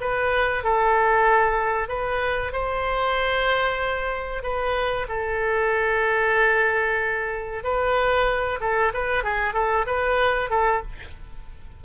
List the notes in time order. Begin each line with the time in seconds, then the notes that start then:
0.00 B4
0.63 A4
1.88 B4
2.52 C5
4.43 B4
5.08 A4
7.63 B4
8.60 A4
8.94 B4
9.23 G#4
9.53 A4
9.86 B4
10.50 A4